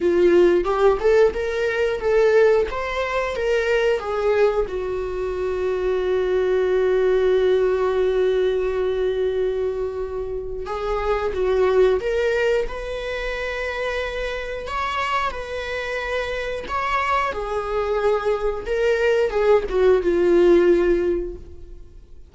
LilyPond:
\new Staff \with { instrumentName = "viola" } { \time 4/4 \tempo 4 = 90 f'4 g'8 a'8 ais'4 a'4 | c''4 ais'4 gis'4 fis'4~ | fis'1~ | fis'1 |
gis'4 fis'4 ais'4 b'4~ | b'2 cis''4 b'4~ | b'4 cis''4 gis'2 | ais'4 gis'8 fis'8 f'2 | }